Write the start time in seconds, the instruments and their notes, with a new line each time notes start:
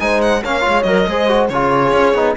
0.00 cello G#3, trombone D#4, horn C5, violin G#5
0.22 violin F#5
0.43 cello A#3, trombone C#4, horn C#5, violin F5
0.61 trombone F4
0.68 cello G#3
0.83 cello F#3, trombone A#4, violin D#5
1.07 cello G#3, trombone G#4, horn C5
1.28 trombone F#4
1.49 cello C#3, trombone F4, horn G#4, violin C#5
1.93 cello C#4
2.14 cello B3, trombone D#4